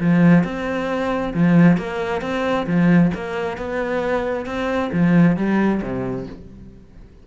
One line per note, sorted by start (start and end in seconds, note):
0.00 0.43 F3
0.43 1.33 C4
1.34 1.77 F3
1.77 2.21 A#3
2.21 2.66 C4
2.66 3.11 F3
3.14 3.57 A#3
3.57 4.45 B3
4.45 4.90 C4
4.92 5.36 F3
5.36 5.81 G3
5.82 6.26 C3